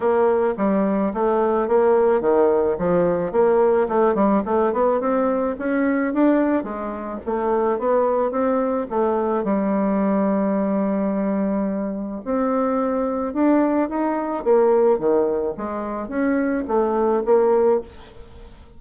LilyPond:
\new Staff \with { instrumentName = "bassoon" } { \time 4/4 \tempo 4 = 108 ais4 g4 a4 ais4 | dis4 f4 ais4 a8 g8 | a8 b8 c'4 cis'4 d'4 | gis4 a4 b4 c'4 |
a4 g2.~ | g2 c'2 | d'4 dis'4 ais4 dis4 | gis4 cis'4 a4 ais4 | }